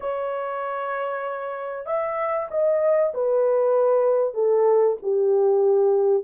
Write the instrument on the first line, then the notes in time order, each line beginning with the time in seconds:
horn
0.00 C#5
1.86 E5
2.50 D#5
3.14 B4
4.34 A4
5.02 G4